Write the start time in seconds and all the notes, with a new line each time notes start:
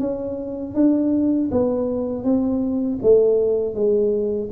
0.00 C#4
0.75 D4
1.51 B3
2.24 C4
3.02 A3
3.75 G#3